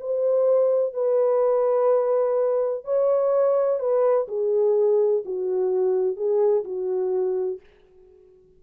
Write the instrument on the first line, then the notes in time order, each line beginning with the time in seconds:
horn
0.00 C5
0.94 B4
2.84 C#5
3.79 B4
4.28 G#4
5.25 F#4
6.16 G#4
6.64 F#4